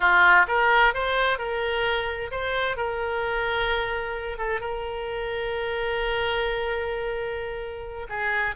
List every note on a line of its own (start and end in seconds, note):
0.00 0.46 F4
0.47 0.93 A#4
0.94 1.38 C5
1.38 2.31 A#4
2.31 2.76 C5
2.76 4.37 A#4
4.37 4.60 A4
4.60 8.06 A#4
8.09 8.55 G#4